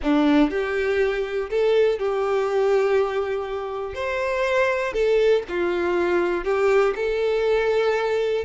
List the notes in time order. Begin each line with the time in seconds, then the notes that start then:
0.02 D4
0.50 G4
1.50 A4
1.98 G4
3.94 C5
4.93 A4
5.48 F4
6.44 G4
6.95 A4